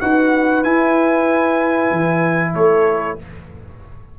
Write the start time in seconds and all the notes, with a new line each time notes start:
0.00 D#4 F#4 B4 F#5
0.63 E4 G#5
1.91 E3
2.54 A3 A4 C#5